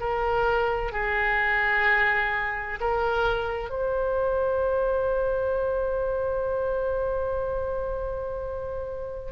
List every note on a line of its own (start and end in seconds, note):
0.00 0.92 A#4
0.92 2.80 G#4
2.80 3.70 A#4
3.70 9.32 C5